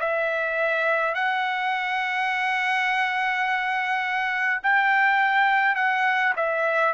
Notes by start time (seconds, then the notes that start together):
0.00 E5
1.15 F#5
4.63 G5
5.76 F#5
6.36 E5